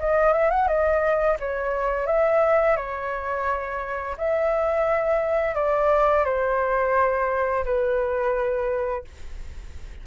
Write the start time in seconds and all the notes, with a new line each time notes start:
0.00 D#5
0.33 E5
0.51 F#5
0.68 D#5
1.40 C#5
2.07 E5
2.77 C#5
4.18 E5
5.55 D5
6.25 C5
7.66 B4